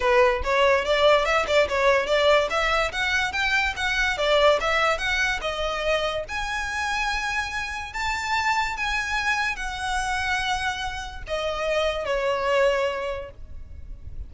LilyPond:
\new Staff \with { instrumentName = "violin" } { \time 4/4 \tempo 4 = 144 b'4 cis''4 d''4 e''8 d''8 | cis''4 d''4 e''4 fis''4 | g''4 fis''4 d''4 e''4 | fis''4 dis''2 gis''4~ |
gis''2. a''4~ | a''4 gis''2 fis''4~ | fis''2. dis''4~ | dis''4 cis''2. | }